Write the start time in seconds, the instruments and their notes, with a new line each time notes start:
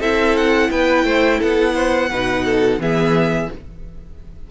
0.00 cello C4, viola E4, violin A4 E5
0.37 violin F#5
0.71 cello B3, violin B4 G5
1.04 cello A3, violin C5
1.39 cello B3, violin A4 F#5
1.75 violin C5
2.11 cello B2, viola D#4, violin B4
2.45 violin A4
2.79 cello E3, viola B3, violin G#4 E5